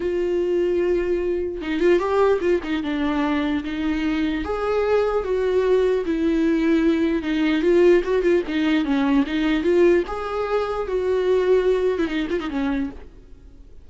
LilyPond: \new Staff \with { instrumentName = "viola" } { \time 4/4 \tempo 4 = 149 f'1 | dis'8 f'8 g'4 f'8 dis'8 d'4~ | d'4 dis'2 gis'4~ | gis'4 fis'2 e'4~ |
e'2 dis'4 f'4 | fis'8 f'8 dis'4 cis'4 dis'4 | f'4 gis'2 fis'4~ | fis'4.~ fis'16 e'16 dis'8 f'16 dis'16 cis'4 | }